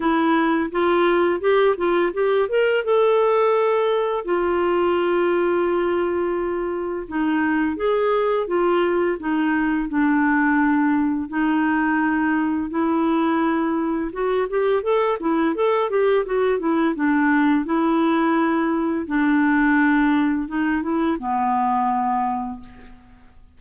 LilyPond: \new Staff \with { instrumentName = "clarinet" } { \time 4/4 \tempo 4 = 85 e'4 f'4 g'8 f'8 g'8 ais'8 | a'2 f'2~ | f'2 dis'4 gis'4 | f'4 dis'4 d'2 |
dis'2 e'2 | fis'8 g'8 a'8 e'8 a'8 g'8 fis'8 e'8 | d'4 e'2 d'4~ | d'4 dis'8 e'8 b2 | }